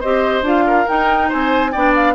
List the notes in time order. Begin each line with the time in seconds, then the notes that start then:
0.00 C4 G4 C5 D#5
0.42 D4 F4 F5
0.67 A#4
0.88 D#4 G5
1.28 C4 C5 G#5
1.72 B3 D4 D5 G5
1.95 F5